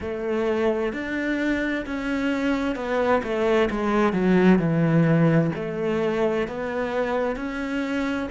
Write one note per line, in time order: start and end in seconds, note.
0.00 0.92 A3
0.92 1.85 D4
1.85 2.75 C#4
2.75 3.21 B3
3.23 3.69 A3
3.70 4.12 G#3
4.12 4.58 F#3
4.58 5.50 E3
5.55 6.47 A3
6.47 7.36 B3
7.36 8.28 C#4